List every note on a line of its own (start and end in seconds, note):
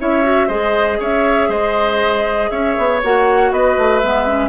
0.00 0.49 C#4
0.00 0.23 E4
0.00 0.48 C#5
0.00 0.49 E5
0.23 0.49 F#4
0.48 1.00 G#3
0.48 3.02 G#4
0.48 0.98 C5
0.48 1.00 D#5
1.00 1.49 C#4
1.00 1.50 C#5
1.00 1.52 E5
1.49 2.50 G#3
1.49 2.50 C5
1.49 2.51 D#5
2.51 2.77 C#4
2.51 3.52 C#5
2.51 3.01 E5
2.78 3.03 B3
3.04 3.52 A#3
3.04 4.03 F#4
3.04 3.53 F#5
3.52 3.77 B3
3.52 4.49 B4
3.52 3.99 D#5
3.78 4.03 A3
3.99 4.49 G#3
3.99 4.27 B3
3.99 4.49 E5
4.27 4.49 C#4